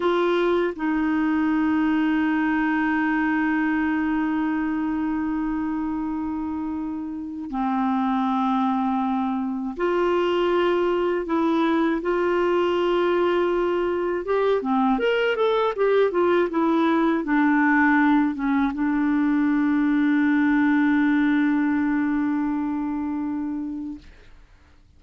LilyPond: \new Staff \with { instrumentName = "clarinet" } { \time 4/4 \tempo 4 = 80 f'4 dis'2.~ | dis'1~ | dis'2 c'2~ | c'4 f'2 e'4 |
f'2. g'8 c'8 | ais'8 a'8 g'8 f'8 e'4 d'4~ | d'8 cis'8 d'2.~ | d'1 | }